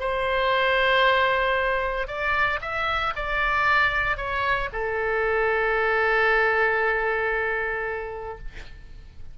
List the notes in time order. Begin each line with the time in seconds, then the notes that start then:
0.00 C5
2.08 D5
2.62 E5
3.16 D5
4.17 C#5
4.73 A4